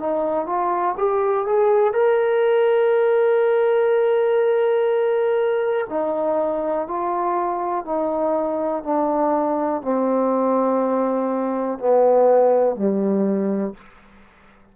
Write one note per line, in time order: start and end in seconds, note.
0.00 0.46 D#4
0.46 0.96 F4
0.98 1.47 G4
1.47 1.94 G#4
1.94 5.87 A#4
5.90 6.88 D#4
6.88 7.86 F4
7.86 8.83 D#4
8.83 9.82 D4
9.82 11.79 C4
11.79 12.76 B3
12.76 13.75 G3